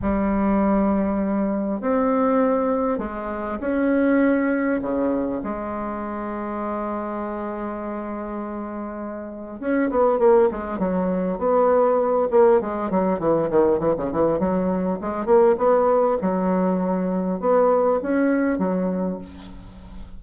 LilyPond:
\new Staff \with { instrumentName = "bassoon" } { \time 4/4 \tempo 4 = 100 g2. c'4~ | c'4 gis4 cis'2 | cis4 gis2.~ | gis1 |
cis'8 b8 ais8 gis8 fis4 b4~ | b8 ais8 gis8 fis8 e8 dis8 e16 cis16 e8 | fis4 gis8 ais8 b4 fis4~ | fis4 b4 cis'4 fis4 | }